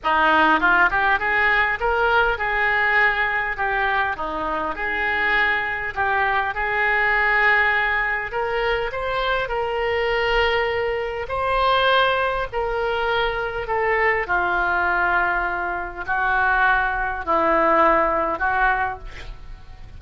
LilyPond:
\new Staff \with { instrumentName = "oboe" } { \time 4/4 \tempo 4 = 101 dis'4 f'8 g'8 gis'4 ais'4 | gis'2 g'4 dis'4 | gis'2 g'4 gis'4~ | gis'2 ais'4 c''4 |
ais'2. c''4~ | c''4 ais'2 a'4 | f'2. fis'4~ | fis'4 e'2 fis'4 | }